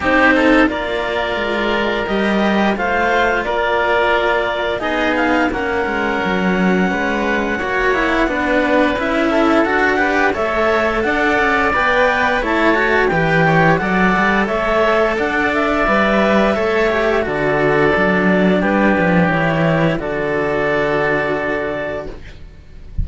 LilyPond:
<<
  \new Staff \with { instrumentName = "clarinet" } { \time 4/4 \tempo 4 = 87 c''4 d''2 dis''4 | f''4 d''2 dis''8 f''8 | fis''1~ | fis''4 e''4 fis''4 e''4 |
fis''4 g''4 a''4 g''4 | fis''4 e''4 fis''8 e''4.~ | e''4 d''2 b'4 | cis''4 d''2. | }
  \new Staff \with { instrumentName = "oboe" } { \time 4/4 g'8 a'8 ais'2. | c''4 ais'2 gis'4 | ais'2 b'4 cis''4 | b'4. a'4 b'8 cis''4 |
d''2 cis''4 b'8 cis''8 | d''4 cis''4 d''2 | cis''4 a'2 g'4~ | g'4 a'2. | }
  \new Staff \with { instrumentName = "cello" } { \time 4/4 dis'4 f'2 g'4 | f'2. dis'4 | cis'2. fis'8 e'8 | d'4 e'4 fis'8 g'8 a'4~ |
a'4 b'4 e'8 fis'8 g'4 | a'2. b'4 | a'8 g'8 fis'4 d'2 | e'4 fis'2. | }
  \new Staff \with { instrumentName = "cello" } { \time 4/4 c'4 ais4 gis4 g4 | a4 ais2 b4 | ais8 gis8 fis4 gis4 ais4 | b4 cis'4 d'4 a4 |
d'8 cis'8 b4 a4 e4 | fis8 g8 a4 d'4 g4 | a4 d4 fis4 g8 f8 | e4 d2. | }
>>